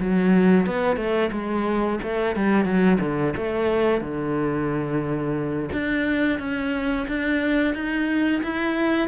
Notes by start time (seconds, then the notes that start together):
0.00 F#3
0.66 B3
0.96 A3
1.32 G#3
2.03 A3
2.36 G3
2.64 F#3
3.00 D3
3.36 A3
4.01 D3
5.72 D4
6.39 C#4
7.08 D4
7.74 D#4
8.42 E4